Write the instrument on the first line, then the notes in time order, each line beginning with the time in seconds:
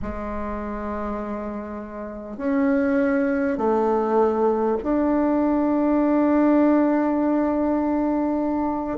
bassoon
0.02 G#3
2.37 C#4
3.57 A3
4.83 D4